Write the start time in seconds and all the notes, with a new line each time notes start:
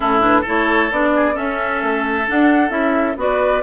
0.00 A2 C#4 E4 A4
0.20 D4 B4
0.41 E4 A4
0.47 A3 C#5
0.91 B3 D4 D5
1.15 G#4
1.33 C#4 A4 E5
1.82 A3
2.27 D4 F#5
2.69 C#4 E4 E5
3.17 B3 F#4 B4 D5